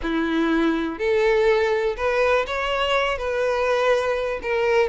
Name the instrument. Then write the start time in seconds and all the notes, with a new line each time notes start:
violin
0.02 E4
0.98 A4
1.96 B4
2.46 C#5
3.18 B4
4.42 A#4